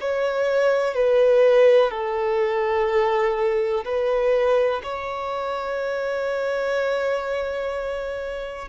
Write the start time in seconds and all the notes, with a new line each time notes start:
0.00 C#5
0.94 B4
1.90 A4
3.84 B4
4.83 C#5